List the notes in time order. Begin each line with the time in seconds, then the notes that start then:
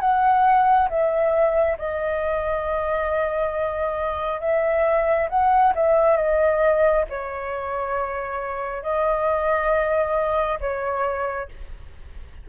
0.00 F#5
0.89 E5
1.78 D#5
4.40 E5
5.29 F#5
5.75 E5
6.16 D#5
7.09 C#5
8.82 D#5
10.60 C#5